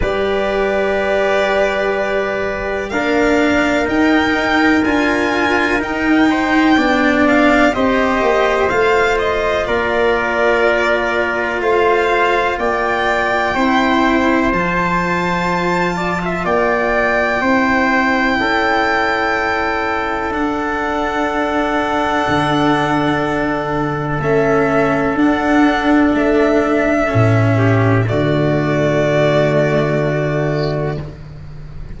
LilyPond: <<
  \new Staff \with { instrumentName = "violin" } { \time 4/4 \tempo 4 = 62 d''2. f''4 | g''4 gis''4 g''4. f''8 | dis''4 f''8 dis''8 d''2 | f''4 g''2 a''4~ |
a''4 g''2.~ | g''4 fis''2.~ | fis''4 e''4 fis''4 e''4~ | e''4 d''2. | }
  \new Staff \with { instrumentName = "trumpet" } { \time 4/4 b'2. ais'4~ | ais'2~ ais'8 c''8 d''4 | c''2 ais'2 | c''4 d''4 c''2~ |
c''8 d''16 e''16 d''4 c''4 a'4~ | a'1~ | a'1~ | a'8 g'8 fis'2. | }
  \new Staff \with { instrumentName = "cello" } { \time 4/4 g'2. d'4 | dis'4 f'4 dis'4 d'4 | g'4 f'2.~ | f'2 e'4 f'4~ |
f'2 e'2~ | e'4 d'2.~ | d'4 cis'4 d'2 | cis'4 a2. | }
  \new Staff \with { instrumentName = "tuba" } { \time 4/4 g2. ais4 | dis'4 d'4 dis'4 b4 | c'8 ais8 a4 ais2 | a4 ais4 c'4 f4~ |
f4 ais4 c'4 cis'4~ | cis'4 d'2 d4~ | d4 a4 d'4 a4 | a,4 d2. | }
>>